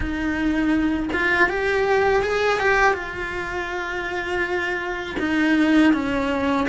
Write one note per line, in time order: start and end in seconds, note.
0.00 1.09 D#4
1.12 1.48 F4
1.48 2.22 G4
2.22 2.59 G#4
2.59 2.93 G4
2.93 5.15 F4
5.19 5.93 D#4
5.93 6.67 C#4